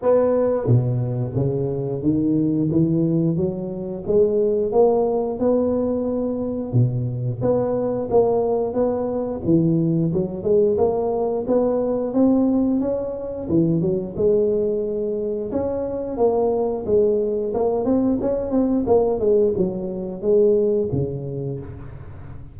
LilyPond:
\new Staff \with { instrumentName = "tuba" } { \time 4/4 \tempo 4 = 89 b4 b,4 cis4 dis4 | e4 fis4 gis4 ais4 | b2 b,4 b4 | ais4 b4 e4 fis8 gis8 |
ais4 b4 c'4 cis'4 | e8 fis8 gis2 cis'4 | ais4 gis4 ais8 c'8 cis'8 c'8 | ais8 gis8 fis4 gis4 cis4 | }